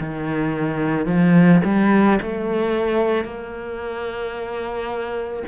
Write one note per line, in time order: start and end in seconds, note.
0.00 1.07 D#3
1.07 1.61 F3
1.65 2.20 G3
2.22 3.25 A3
3.25 5.43 A#3